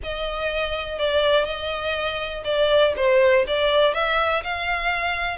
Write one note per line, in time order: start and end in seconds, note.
0.03 0.99 D#5
0.99 1.45 D5
1.45 2.43 D#5
2.44 2.93 D5
2.96 3.45 C5
3.47 3.93 D5
3.93 4.43 E5
4.43 5.37 F5